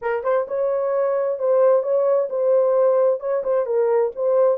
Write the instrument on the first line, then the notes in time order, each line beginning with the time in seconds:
horn
0.01 A#4
0.23 C5
0.47 C#5
1.38 C5
1.82 C#5
2.29 C5
3.20 C#5
3.43 C5
3.66 A#4
4.15 C5